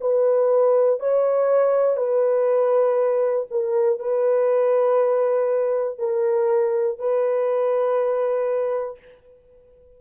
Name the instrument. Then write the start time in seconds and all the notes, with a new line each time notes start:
horn
0.00 B4
0.99 C#5
1.96 B4
3.50 A#4
3.99 B4
5.98 A#4
6.99 B4